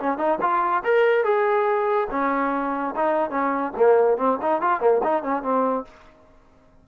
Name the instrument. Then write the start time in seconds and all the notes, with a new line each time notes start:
trombone
0.00 C#4
0.18 D#4
0.41 F4
0.85 A#4
1.25 G#4
2.11 C#4
2.96 D#4
3.31 C#4
3.77 A#3
4.18 C4
4.42 D#4
4.62 F4
4.81 A#3
5.04 D#4
5.23 C#4
5.43 C4